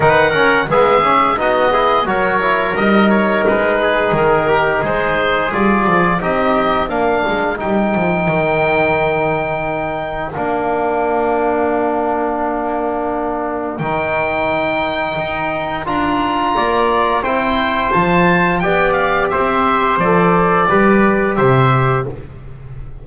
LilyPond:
<<
  \new Staff \with { instrumentName = "oboe" } { \time 4/4 \tempo 4 = 87 fis''4 e''4 dis''4 cis''4 | dis''8 cis''8 b'4 ais'4 c''4 | d''4 dis''4 f''4 g''4~ | g''2. f''4~ |
f''1 | g''2. ais''4~ | ais''4 g''4 a''4 g''8 f''8 | e''4 d''2 e''4 | }
  \new Staff \with { instrumentName = "trumpet" } { \time 4/4 b'8 ais'8 gis'4 fis'8 gis'8 ais'4~ | ais'4. gis'4 g'8 gis'4~ | gis'4 g'4 ais'2~ | ais'1~ |
ais'1~ | ais'1 | d''4 c''2 d''4 | c''2 b'4 c''4 | }
  \new Staff \with { instrumentName = "trombone" } { \time 4/4 dis'8 cis'8 b8 cis'8 dis'8 e'8 fis'8 e'8 | dis'1 | f'4 dis'4 d'4 dis'4~ | dis'2. d'4~ |
d'1 | dis'2. f'4~ | f'4 e'4 f'4 g'4~ | g'4 a'4 g'2 | }
  \new Staff \with { instrumentName = "double bass" } { \time 4/4 dis4 gis4 b4 fis4 | g4 gis4 dis4 gis4 | g8 f8 c'4 ais8 gis8 g8 f8 | dis2. ais4~ |
ais1 | dis2 dis'4 d'4 | ais4 c'4 f4 b4 | c'4 f4 g4 c4 | }
>>